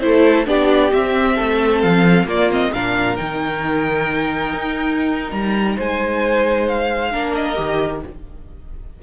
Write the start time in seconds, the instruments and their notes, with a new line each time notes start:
0.00 cello A3, viola E4, violin A4 C5
0.45 cello B3, viola D4, violin G4 D5
0.92 viola C4, cello C4, violin E5
1.35 cello A3, violin A4
1.81 cello F3, violin F5
2.24 cello A#3, viola A#3, violin F4 D5
2.50 viola C4, violin D#5
2.73 cello A#2, viola D4, violin A#4 F5
3.16 cello D#3, viola D#4, violin G5
4.54 cello D#4
5.31 cello G3, violin A#5
5.76 cello G#3, violin C5 G#5
6.68 violin F5
7.11 cello A#3, viola D4, violin A#4
7.34 violin D#5
7.55 cello D#3, viola G4